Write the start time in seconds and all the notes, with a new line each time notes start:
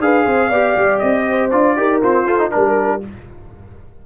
0.00 D4 G#4 B4 F5
0.26 C4 C5
0.48 B3 G4 D5
0.76 G3
0.99 C4 D#5
1.29 C5
1.51 D4 F4 D5
1.77 D#4 G4 A#4
2.02 C4 F4 C5
2.27 F4 A4
2.39 D#4
2.50 G3 D4 A#4